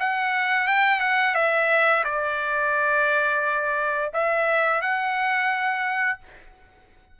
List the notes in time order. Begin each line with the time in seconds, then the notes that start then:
0.00 F#5
0.67 G5
1.00 F#5
1.35 E5
2.04 D5
4.13 E5
4.82 F#5